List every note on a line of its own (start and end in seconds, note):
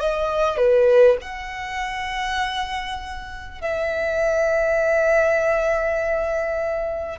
0.00 0.57 D#5
0.57 1.17 B4
1.22 3.61 F#5
3.61 7.19 E5